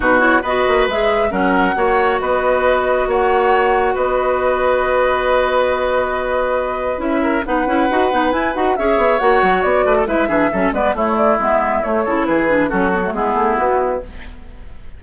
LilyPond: <<
  \new Staff \with { instrumentName = "flute" } { \time 4/4 \tempo 4 = 137 b'8 cis''8 dis''4 e''4 fis''4~ | fis''4 dis''2 fis''4~ | fis''4 dis''2.~ | dis''1 |
e''4 fis''2 gis''8 fis''8 | e''4 fis''4 d''4 e''4~ | e''8 d''8 cis''8 d''8 e''4 cis''4 | b'4 a'4 gis'4 fis'4 | }
  \new Staff \with { instrumentName = "oboe" } { \time 4/4 fis'4 b'2 ais'4 | cis''4 b'2 cis''4~ | cis''4 b'2.~ | b'1~ |
b'8 ais'8 b'2. | cis''2~ cis''8 b'16 a'16 b'8 gis'8 | a'8 b'8 e'2~ e'8 a'8 | gis'4 fis'4 e'2 | }
  \new Staff \with { instrumentName = "clarinet" } { \time 4/4 dis'8 e'8 fis'4 gis'4 cis'4 | fis'1~ | fis'1~ | fis'1 |
e'4 dis'8 e'8 fis'8 dis'8 e'8 fis'8 | gis'4 fis'2 e'8 d'8 | cis'8 b8 a4 b4 a8 e'8~ | e'8 d'8 cis'8 b16 a16 b2 | }
  \new Staff \with { instrumentName = "bassoon" } { \time 4/4 b,4 b8 ais8 gis4 fis4 | ais4 b2 ais4~ | ais4 b2.~ | b1 |
cis'4 b8 cis'8 dis'8 b8 e'8 dis'8 | cis'8 b8 ais8 fis8 b8 a8 gis8 e8 | fis8 gis8 a4 gis4 a8 cis8 | e4 fis4 gis8 a8 b4 | }
>>